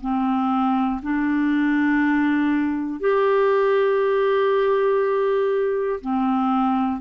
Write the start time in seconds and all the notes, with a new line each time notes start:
0.00 C4
1.02 D4
3.00 G4
6.00 C4